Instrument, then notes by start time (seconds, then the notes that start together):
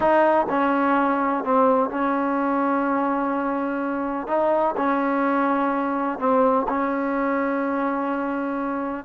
trombone
0.00 D#4
0.49 C#4
1.44 C4
1.90 C#4
4.27 D#4
4.76 C#4
6.18 C4
6.68 C#4